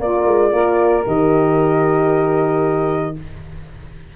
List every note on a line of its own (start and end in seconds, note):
0.00 0.26 A#3
0.00 0.54 F4
0.00 0.52 A#4
0.00 1.05 D5
0.26 0.52 G#3
0.52 1.04 A#3
0.52 1.04 F4
0.52 3.15 A#4
1.06 3.15 D#3
1.06 3.15 G4
1.06 3.16 D#5